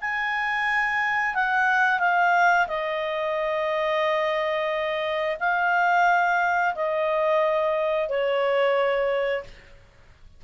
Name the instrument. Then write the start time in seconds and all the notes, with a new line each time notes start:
clarinet
0.00 G#5
1.34 F#5
1.99 F5
2.67 D#5
5.40 F5
6.74 D#5
8.09 C#5